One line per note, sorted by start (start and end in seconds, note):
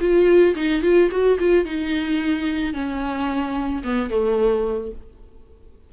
0.00 0.55 F4
0.55 0.82 D#4
0.82 1.09 F4
1.11 1.38 F#4
1.39 1.65 F4
1.65 2.73 D#4
2.73 3.82 C#4
3.83 4.09 B3
4.09 4.91 A3